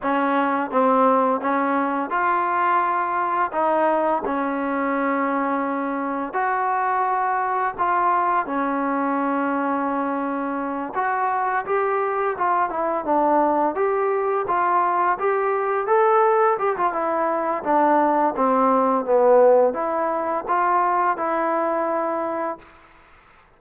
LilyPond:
\new Staff \with { instrumentName = "trombone" } { \time 4/4 \tempo 4 = 85 cis'4 c'4 cis'4 f'4~ | f'4 dis'4 cis'2~ | cis'4 fis'2 f'4 | cis'2.~ cis'8 fis'8~ |
fis'8 g'4 f'8 e'8 d'4 g'8~ | g'8 f'4 g'4 a'4 g'16 f'16 | e'4 d'4 c'4 b4 | e'4 f'4 e'2 | }